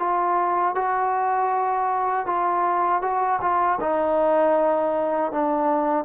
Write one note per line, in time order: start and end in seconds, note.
0.00 0.75 F4
0.75 2.27 F#4
2.27 3.02 F4
3.02 3.40 F#4
3.42 3.80 F4
3.81 5.32 D#4
5.32 6.06 D4